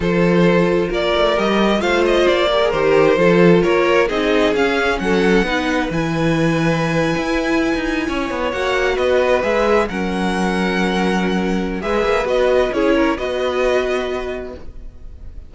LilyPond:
<<
  \new Staff \with { instrumentName = "violin" } { \time 4/4 \tempo 4 = 132 c''2 d''4 dis''4 | f''8 dis''8 d''4 c''2 | cis''4 dis''4 f''4 fis''4~ | fis''4 gis''2.~ |
gis''2~ gis''8. fis''4 dis''16~ | dis''8. e''4 fis''2~ fis''16~ | fis''2 e''4 dis''4 | cis''4 dis''2. | }
  \new Staff \with { instrumentName = "violin" } { \time 4/4 a'2 ais'2 | c''4. ais'4. a'4 | ais'4 gis'2 a'4 | b'1~ |
b'4.~ b'16 cis''2 b'16~ | b'4.~ b'16 ais'2~ ais'16~ | ais'2 b'2 | gis'8 ais'8 b'2. | }
  \new Staff \with { instrumentName = "viola" } { \time 4/4 f'2. g'4 | f'4. g'16 gis'16 g'4 f'4~ | f'4 dis'4 cis'2 | dis'4 e'2.~ |
e'2~ e'8. fis'4~ fis'16~ | fis'8. gis'4 cis'2~ cis'16~ | cis'2 gis'4 fis'4 | e'4 fis'2. | }
  \new Staff \with { instrumentName = "cello" } { \time 4/4 f2 ais8 a8 g4 | a4 ais4 dis4 f4 | ais4 c'4 cis'4 fis4 | b4 e2~ e8. e'16~ |
e'4 dis'8. cis'8 b8 ais4 b16~ | b8. gis4 fis2~ fis16~ | fis2 gis8 ais8 b4 | cis'4 b2. | }
>>